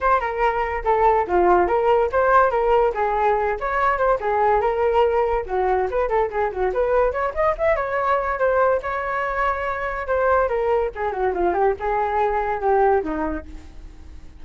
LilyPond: \new Staff \with { instrumentName = "flute" } { \time 4/4 \tempo 4 = 143 c''8 ais'4. a'4 f'4 | ais'4 c''4 ais'4 gis'4~ | gis'8 cis''4 c''8 gis'4 ais'4~ | ais'4 fis'4 b'8 a'8 gis'8 fis'8 |
b'4 cis''8 dis''8 e''8 cis''4. | c''4 cis''2. | c''4 ais'4 gis'8 fis'8 f'8 g'8 | gis'2 g'4 dis'4 | }